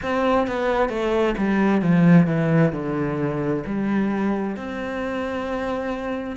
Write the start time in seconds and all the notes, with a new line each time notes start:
0.02 C4
0.47 B3
0.89 A3
1.37 G3
1.81 F3
2.26 E3
2.72 D3
3.66 G3
4.56 C4